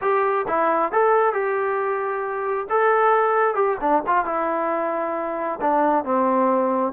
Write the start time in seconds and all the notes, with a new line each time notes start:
0.01 G4
0.47 E4
0.92 A4
1.33 G4
2.69 A4
3.55 G4
3.80 D4
4.06 F4
4.25 E4
5.61 D4
6.04 C4